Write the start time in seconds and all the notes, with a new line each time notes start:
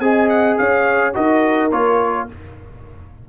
0.00 C4 G#4 D#5 G#5
0.29 F#5
0.58 C#4 C#5 F5
1.13 D#4 F#4 A#4 D#5
1.71 A#3 F4 C#5